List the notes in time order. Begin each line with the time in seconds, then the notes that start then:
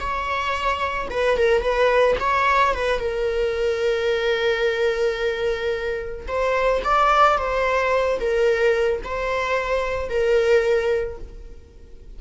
0.00 C#5
1.10 B4
1.38 A#4
1.62 B4
2.20 C#5
2.74 B4
3.00 A#4
6.28 C5
6.85 D5
7.38 C5
8.20 A#4
9.04 C5
10.10 A#4